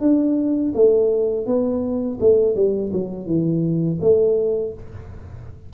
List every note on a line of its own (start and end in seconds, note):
0.00 0.72 D4
0.75 1.46 A3
1.46 2.19 B3
2.20 2.55 A3
2.55 2.91 G3
2.92 3.26 F#3
3.26 3.98 E3
4.01 4.73 A3